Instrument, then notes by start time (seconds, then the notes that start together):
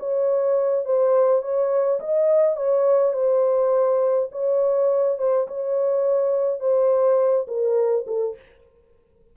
horn
0.00 C#5
0.86 C5
1.42 C#5
2.01 D#5
2.57 C#5
3.14 C5
4.32 C#5
5.19 C5
5.48 C#5
6.60 C5
7.48 A#4
8.07 A4